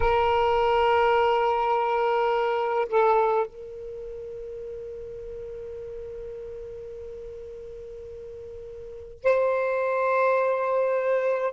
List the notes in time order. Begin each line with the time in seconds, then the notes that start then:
0.00 A#4
2.88 A4
3.46 A#4
9.23 C5